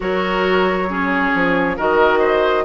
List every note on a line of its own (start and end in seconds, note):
0.00 1.33 F#3
0.00 0.88 F#4
0.00 0.89 A#4
0.00 1.77 C#5
0.88 1.76 C#4
0.88 1.76 G#4
1.34 1.78 F3
1.76 2.64 D#3
1.76 2.64 F#4
1.76 2.19 A#4
1.76 2.64 D#5
2.19 2.63 C5